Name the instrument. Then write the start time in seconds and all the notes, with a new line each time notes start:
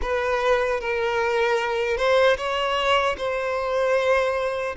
violin
0.01 B4
0.80 A#4
1.97 C5
2.37 C#5
3.17 C5